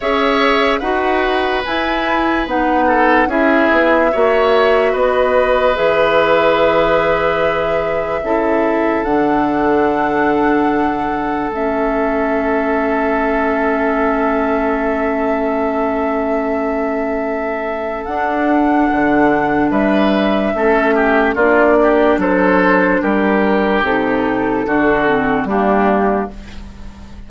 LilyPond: <<
  \new Staff \with { instrumentName = "flute" } { \time 4/4 \tempo 4 = 73 e''4 fis''4 gis''4 fis''4 | e''2 dis''4 e''4~ | e''2. fis''4~ | fis''2 e''2~ |
e''1~ | e''2 fis''2 | e''2 d''4 c''4 | ais'4 a'2 g'4 | }
  \new Staff \with { instrumentName = "oboe" } { \time 4/4 cis''4 b'2~ b'8 a'8 | gis'4 cis''4 b'2~ | b'2 a'2~ | a'1~ |
a'1~ | a'1 | b'4 a'8 g'8 f'8 g'8 a'4 | g'2 fis'4 d'4 | }
  \new Staff \with { instrumentName = "clarinet" } { \time 4/4 gis'4 fis'4 e'4 dis'4 | e'4 fis'2 gis'4~ | gis'2 e'4 d'4~ | d'2 cis'2~ |
cis'1~ | cis'2 d'2~ | d'4 cis'4 d'2~ | d'4 dis'4 d'8 c'8 ais4 | }
  \new Staff \with { instrumentName = "bassoon" } { \time 4/4 cis'4 dis'4 e'4 b4 | cis'8 b8 ais4 b4 e4~ | e2 cis4 d4~ | d2 a2~ |
a1~ | a2 d'4 d4 | g4 a4 ais4 fis4 | g4 c4 d4 g4 | }
>>